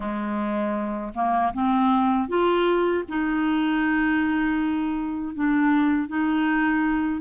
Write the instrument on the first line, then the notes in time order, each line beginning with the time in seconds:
clarinet
0.00 G#3
1.15 A#3
1.53 C4
2.28 F4
3.08 D#4
5.34 D4
6.08 D#4